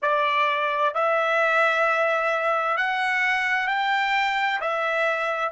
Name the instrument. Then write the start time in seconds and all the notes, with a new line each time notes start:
trumpet
0.02 D5
0.94 E5
2.77 F#5
3.67 G5
4.61 E5